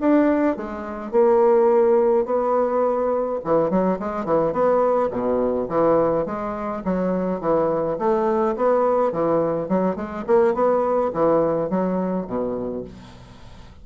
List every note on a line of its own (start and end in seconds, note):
0.00 0.57 D4
0.57 1.11 G#3
1.11 2.25 A#3
2.25 3.39 B3
3.44 3.70 E3
3.70 3.98 F#3
3.99 4.25 G#3
4.25 4.52 E3
4.52 5.10 B3
5.11 5.68 B2
5.69 6.26 E3
6.26 6.83 G#3
6.85 7.41 F#3
7.41 7.98 E3
7.99 8.56 A3
8.56 9.12 B3
9.12 9.69 E3
9.69 9.96 F#3
9.96 10.24 G#3
10.27 10.54 A#3
10.54 11.11 B3
11.14 11.70 E3
11.70 12.27 F#3
12.27 12.84 B2